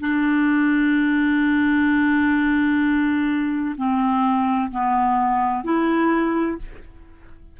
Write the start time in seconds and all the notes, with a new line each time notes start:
0.00 D4
3.77 C4
4.70 B3
5.63 E4